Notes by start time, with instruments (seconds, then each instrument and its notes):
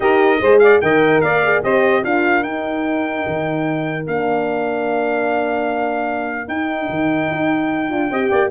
0.00 tuba D#4, horn G4, saxophone A#4, trumpet D#5
0.40 tuba G#3, horn G#4, saxophone C5
0.59 saxophone D5, trumpet F5
0.81 tuba D#3, horn A#4, saxophone D#5, trumpet G5
1.21 tuba A#3, saxophone D5, trumpet F5
1.43 horn G#4
1.62 tuba C4, horn G4, saxophone C5, trumpet D#5
2.02 tuba D4, horn F4, saxophone A#4, trumpet F5
2.43 tuba D#4, horn D#4, trumpet G5
3.27 tuba D#3
4.07 tuba A#3, horn D4, trumpet F5
6.48 tuba D#4, horn D#4, trumpet G5
6.89 tuba D#3
7.30 tuba D#4
7.89 tuba D4, horn F4
8.10 tuba C4, horn G4, saxophone D#5
8.29 tuba A#3, saxophone D5